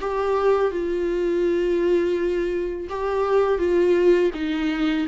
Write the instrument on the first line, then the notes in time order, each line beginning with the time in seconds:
viola
0.00 G4
0.70 F4
2.89 G4
3.58 F4
4.34 D#4